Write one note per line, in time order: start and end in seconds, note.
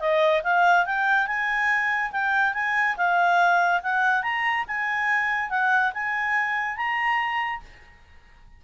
0.00 0.42 D#5
0.44 0.86 F5
0.86 1.27 G5
1.27 2.11 G#5
2.12 2.54 G5
2.54 2.96 G#5
2.97 3.82 F5
3.83 4.23 F#5
4.23 4.65 A#5
4.68 5.50 G#5
5.50 5.93 F#5
5.94 6.77 G#5
6.77 7.61 A#5